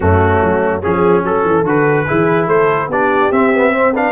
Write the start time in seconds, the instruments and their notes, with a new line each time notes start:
0.00 tuba F#2, trombone A3, horn C#4, trumpet F#4
0.42 tuba F#3
0.82 tuba F3, trombone C#4, trumpet G#4, horn G#4
1.23 tuba F#3, trumpet A4, horn A4
1.43 tuba E3
1.63 tuba D3, trombone F#4, trumpet B4
2.06 tuba E3, trombone E4, horn G#4
2.47 tuba A3, horn A4, trumpet C5
2.88 tuba B3, trombone D4, horn G4, trumpet D5
3.31 tuba C4, trombone C4, trumpet E5
3.53 trombone B3
3.72 trombone C4, horn C5
3.94 trombone D4, horn B4, trumpet F5